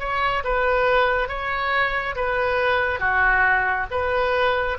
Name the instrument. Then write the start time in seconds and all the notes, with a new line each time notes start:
oboe
0.00 C#5
0.44 B4
1.29 C#5
2.16 B4
3.00 F#4
3.91 B4